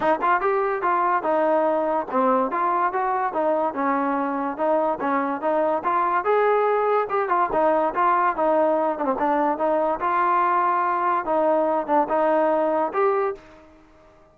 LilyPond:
\new Staff \with { instrumentName = "trombone" } { \time 4/4 \tempo 4 = 144 dis'8 f'8 g'4 f'4 dis'4~ | dis'4 c'4 f'4 fis'4 | dis'4 cis'2 dis'4 | cis'4 dis'4 f'4 gis'4~ |
gis'4 g'8 f'8 dis'4 f'4 | dis'4. d'16 c'16 d'4 dis'4 | f'2. dis'4~ | dis'8 d'8 dis'2 g'4 | }